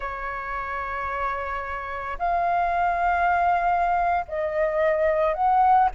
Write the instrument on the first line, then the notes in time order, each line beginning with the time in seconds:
flute
0.00 C#5
2.18 F5
4.28 D#5
5.34 F#5